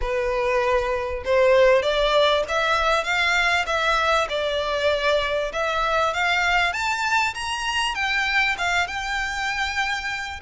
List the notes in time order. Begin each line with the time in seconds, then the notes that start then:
0.01 B4
1.24 C5
1.82 D5
2.48 E5
3.03 F5
3.66 E5
4.29 D5
5.52 E5
6.13 F5
6.73 A5
7.34 A#5
7.94 G5
8.57 F5
8.87 G5